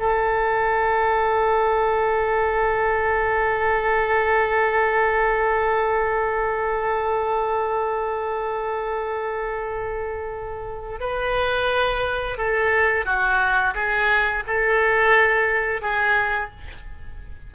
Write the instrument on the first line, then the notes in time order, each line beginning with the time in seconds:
oboe
0.00 A4
11.00 B4
12.38 A4
13.05 F#4
13.75 G#4
14.47 A4
15.82 G#4